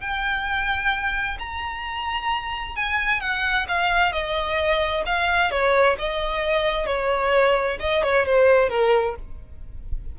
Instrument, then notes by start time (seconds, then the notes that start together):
violin
0.00 G5
1.38 A#5
2.75 G#5
3.20 F#5
3.68 F5
4.12 D#5
5.05 F5
5.50 C#5
5.98 D#5
6.86 C#5
7.79 D#5
8.03 C#5
8.25 C5
8.69 A#4